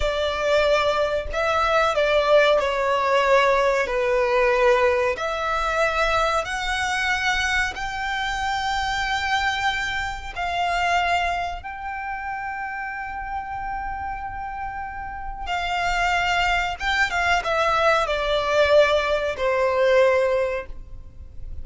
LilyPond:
\new Staff \with { instrumentName = "violin" } { \time 4/4 \tempo 4 = 93 d''2 e''4 d''4 | cis''2 b'2 | e''2 fis''2 | g''1 |
f''2 g''2~ | g''1 | f''2 g''8 f''8 e''4 | d''2 c''2 | }